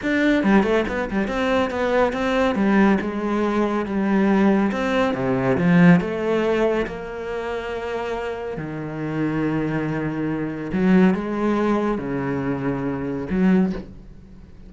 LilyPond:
\new Staff \with { instrumentName = "cello" } { \time 4/4 \tempo 4 = 140 d'4 g8 a8 b8 g8 c'4 | b4 c'4 g4 gis4~ | gis4 g2 c'4 | c4 f4 a2 |
ais1 | dis1~ | dis4 fis4 gis2 | cis2. fis4 | }